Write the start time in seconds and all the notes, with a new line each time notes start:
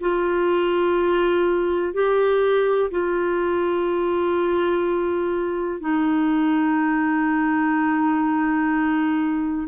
0.00 F4
1.94 G4
2.91 F4
5.80 D#4